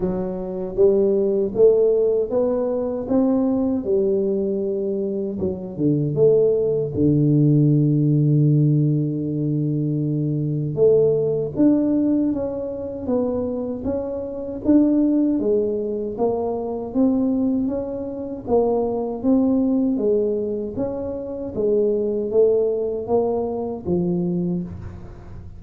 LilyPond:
\new Staff \with { instrumentName = "tuba" } { \time 4/4 \tempo 4 = 78 fis4 g4 a4 b4 | c'4 g2 fis8 d8 | a4 d2.~ | d2 a4 d'4 |
cis'4 b4 cis'4 d'4 | gis4 ais4 c'4 cis'4 | ais4 c'4 gis4 cis'4 | gis4 a4 ais4 f4 | }